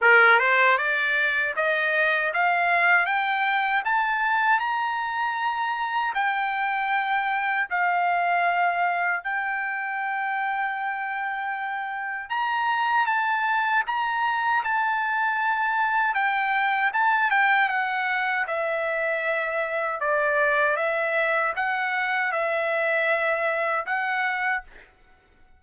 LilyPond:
\new Staff \with { instrumentName = "trumpet" } { \time 4/4 \tempo 4 = 78 ais'8 c''8 d''4 dis''4 f''4 | g''4 a''4 ais''2 | g''2 f''2 | g''1 |
ais''4 a''4 ais''4 a''4~ | a''4 g''4 a''8 g''8 fis''4 | e''2 d''4 e''4 | fis''4 e''2 fis''4 | }